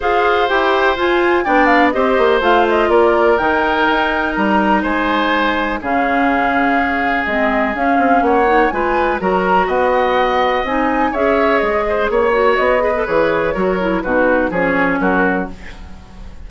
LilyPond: <<
  \new Staff \with { instrumentName = "flute" } { \time 4/4 \tempo 4 = 124 f''4 g''4 gis''4 g''8 f''8 | dis''4 f''8 dis''8 d''4 g''4~ | g''4 ais''4 gis''2 | f''2. dis''4 |
f''4 fis''4 gis''4 ais''4 | fis''2 gis''4 e''4 | dis''4 cis''4 dis''4 cis''4~ | cis''4 b'4 cis''4 ais'4 | }
  \new Staff \with { instrumentName = "oboe" } { \time 4/4 c''2. d''4 | c''2 ais'2~ | ais'2 c''2 | gis'1~ |
gis'4 cis''4 b'4 ais'4 | dis''2. cis''4~ | cis''8 c''8 cis''4. b'4. | ais'4 fis'4 gis'4 fis'4 | }
  \new Staff \with { instrumentName = "clarinet" } { \time 4/4 gis'4 g'4 f'4 d'4 | g'4 f'2 dis'4~ | dis'1 | cis'2. c'4 |
cis'4. dis'8 f'4 fis'4~ | fis'2 dis'4 gis'4~ | gis'4. fis'4 gis'16 a'16 gis'4 | fis'8 e'8 dis'4 cis'2 | }
  \new Staff \with { instrumentName = "bassoon" } { \time 4/4 f'4 e'4 f'4 b4 | c'8 ais8 a4 ais4 dis4 | dis'4 g4 gis2 | cis2. gis4 |
cis'8 c'8 ais4 gis4 fis4 | b2 c'4 cis'4 | gis4 ais4 b4 e4 | fis4 b,4 f4 fis4 | }
>>